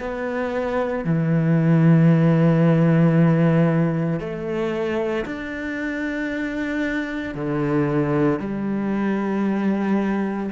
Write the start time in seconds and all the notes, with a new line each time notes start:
0.00 B3
1.05 E3
4.20 A3
5.26 D4
7.35 D3
8.40 G3